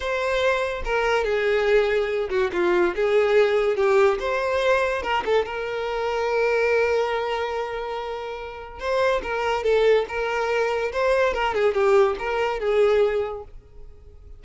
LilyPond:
\new Staff \with { instrumentName = "violin" } { \time 4/4 \tempo 4 = 143 c''2 ais'4 gis'4~ | gis'4. fis'8 f'4 gis'4~ | gis'4 g'4 c''2 | ais'8 a'8 ais'2.~ |
ais'1~ | ais'4 c''4 ais'4 a'4 | ais'2 c''4 ais'8 gis'8 | g'4 ais'4 gis'2 | }